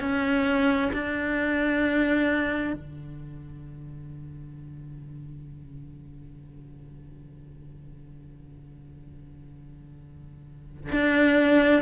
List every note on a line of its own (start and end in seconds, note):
0.00 0.91 C#4
0.92 2.73 D4
2.73 10.91 D3
10.91 11.81 D4